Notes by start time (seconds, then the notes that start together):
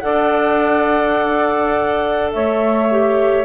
0.00 D4 A4 D5 F#5
2.31 A3 C#5 E5
2.91 G4